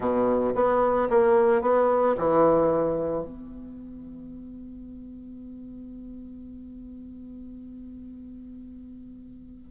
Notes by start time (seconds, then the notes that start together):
0.00 B2
0.54 B3
1.09 A#3
1.61 B3
2.17 E3
3.24 B3